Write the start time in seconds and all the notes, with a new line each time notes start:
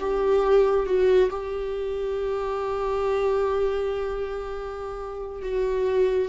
0.00 G4
0.87 F#4
1.30 G4
5.43 F#4